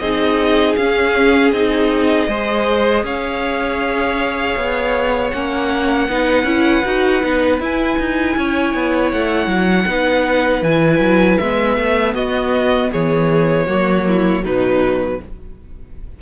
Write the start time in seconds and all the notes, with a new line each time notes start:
0.00 C4 D#4 G#4 D#5
0.76 C#4 F5
1.53 C4 D#4 D#5
2.28 G#3 G#4 C5
3.03 C#4 C#5 F5
4.57 B3
5.31 A#3 C#4 F#5
6.09 B3 D#4 B4
6.44 C#4 E4
6.85 D#4 F#4
7.22 B3 D#4
7.60 E4 G#5
7.99 D#4
8.37 C#4 C#5
8.75 B3
9.12 A3 F#5
9.47 F#3
9.87 B3 D#4 B4
10.62 E3 E4 G#5
11.00 F#3
11.38 G#3 B3 E5
11.78 A3
12.15 B3 F#4 D#5
12.92 E3 G#4 C#5
13.67 F#3 A#3 F#4
14.08 E4
14.44 B2 F#3 D#4 B4